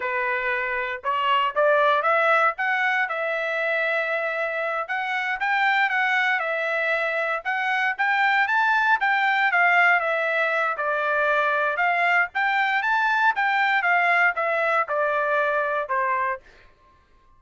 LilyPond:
\new Staff \with { instrumentName = "trumpet" } { \time 4/4 \tempo 4 = 117 b'2 cis''4 d''4 | e''4 fis''4 e''2~ | e''4. fis''4 g''4 fis''8~ | fis''8 e''2 fis''4 g''8~ |
g''8 a''4 g''4 f''4 e''8~ | e''4 d''2 f''4 | g''4 a''4 g''4 f''4 | e''4 d''2 c''4 | }